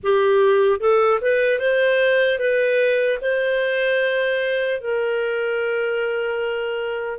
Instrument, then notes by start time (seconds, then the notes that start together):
clarinet
0.03 G4
0.80 A4
1.21 B4
1.59 C5
2.39 B4
3.21 C5
4.80 A#4